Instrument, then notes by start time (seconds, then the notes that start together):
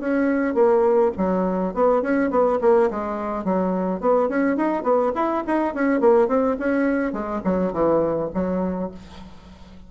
bassoon
0.00 C#4
0.54 A#3
1.17 F#3
1.74 B3
2.02 C#4
2.30 B3
2.61 A#3
2.90 G#3
3.44 F#3
4.00 B3
4.28 C#4
4.57 D#4
4.83 B3
5.15 E4
5.46 D#4
5.74 C#4
6.00 A#3
6.28 C4
6.59 C#4
7.12 G#3
7.44 F#3
7.72 E3
8.34 F#3